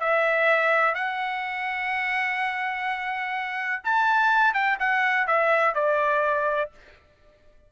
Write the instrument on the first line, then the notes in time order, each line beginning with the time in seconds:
trumpet
0.00 E5
0.95 F#5
3.84 A5
4.54 G5
4.80 F#5
5.27 E5
5.75 D5